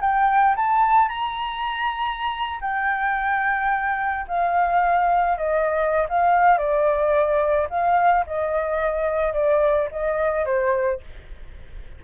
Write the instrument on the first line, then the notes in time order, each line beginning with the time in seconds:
flute
0.00 G5
0.56 A5
1.08 A#5
2.61 G5
4.27 F5
5.37 D#5
6.09 F5
6.57 D5
7.69 F5
8.26 D#5
9.33 D5
9.91 D#5
10.45 C5